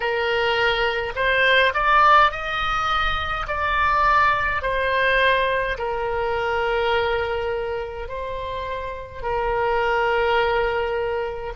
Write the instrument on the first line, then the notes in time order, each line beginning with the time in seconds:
oboe
0.00 A#4
1.15 C5
1.74 D5
2.31 D#5
3.47 D5
4.62 C5
5.77 A#4
8.08 C5
9.22 A#4